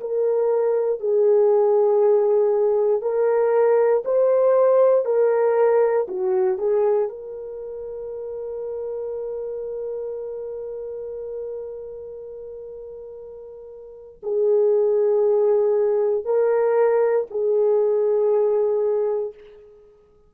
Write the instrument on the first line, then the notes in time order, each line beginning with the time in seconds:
horn
0.00 A#4
1.00 G#4
3.01 A#4
4.04 C5
5.05 A#4
6.08 F#4
6.58 G#4
7.09 A#4
14.22 G#4
16.25 A#4
17.30 G#4